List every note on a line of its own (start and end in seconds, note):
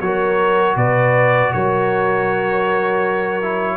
0.00 0.76 F#3
0.00 3.42 F#4
0.00 0.76 A#4
0.00 0.76 C#5
0.76 1.52 B2
0.76 1.52 B4
0.76 1.53 D5
1.53 3.77 F#3
1.53 3.77 A#4
1.53 3.77 C#5
3.42 3.77 E4